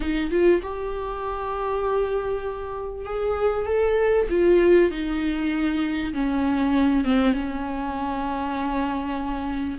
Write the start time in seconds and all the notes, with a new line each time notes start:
0.00 D#4
0.30 F4
0.62 G4
3.05 G#4
3.65 A4
4.29 F4
4.90 D#4
6.13 C#4
7.04 C4
7.33 C#4